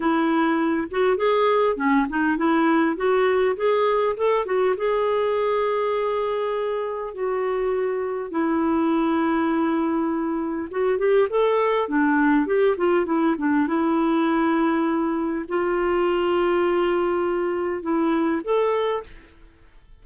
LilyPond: \new Staff \with { instrumentName = "clarinet" } { \time 4/4 \tempo 4 = 101 e'4. fis'8 gis'4 cis'8 dis'8 | e'4 fis'4 gis'4 a'8 fis'8 | gis'1 | fis'2 e'2~ |
e'2 fis'8 g'8 a'4 | d'4 g'8 f'8 e'8 d'8 e'4~ | e'2 f'2~ | f'2 e'4 a'4 | }